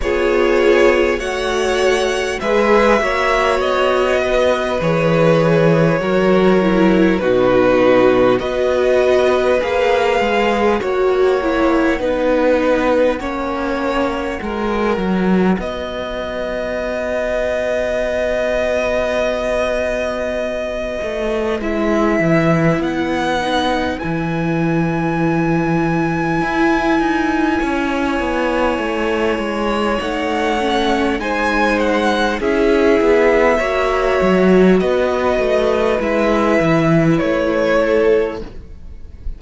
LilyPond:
<<
  \new Staff \with { instrumentName = "violin" } { \time 4/4 \tempo 4 = 50 cis''4 fis''4 e''4 dis''4 | cis''2 b'4 dis''4 | f''4 fis''2.~ | fis''4 dis''2.~ |
dis''2 e''4 fis''4 | gis''1~ | gis''4 fis''4 gis''8 fis''8 e''4~ | e''4 dis''4 e''4 cis''4 | }
  \new Staff \with { instrumentName = "violin" } { \time 4/4 gis'4 cis''4 b'8 cis''4 b'8~ | b'4 ais'4 fis'4 b'4~ | b'4 cis''4 b'4 cis''4 | ais'4 b'2.~ |
b'1~ | b'2. cis''4~ | cis''2 c''4 gis'4 | cis''4 b'2~ b'8 a'8 | }
  \new Staff \with { instrumentName = "viola" } { \time 4/4 f'4 fis'4 gis'8 fis'4. | gis'4 fis'8 e'8 dis'4 fis'4 | gis'4 fis'8 e'8 dis'4 cis'4 | fis'1~ |
fis'2 e'4. dis'8 | e'1~ | e'4 dis'8 cis'8 dis'4 e'4 | fis'2 e'2 | }
  \new Staff \with { instrumentName = "cello" } { \time 4/4 b4 a4 gis8 ais8 b4 | e4 fis4 b,4 b4 | ais8 gis8 ais4 b4 ais4 | gis8 fis8 b2.~ |
b4. a8 gis8 e8 b4 | e2 e'8 dis'8 cis'8 b8 | a8 gis8 a4 gis4 cis'8 b8 | ais8 fis8 b8 a8 gis8 e8 a4 | }
>>